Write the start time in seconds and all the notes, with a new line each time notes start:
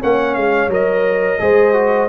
0.00 A#3 C#4 C#5 F#5
0.35 G#3 F5
0.68 F#3 A#4 D#5
1.39 G#3 G#4 C5
1.73 F#4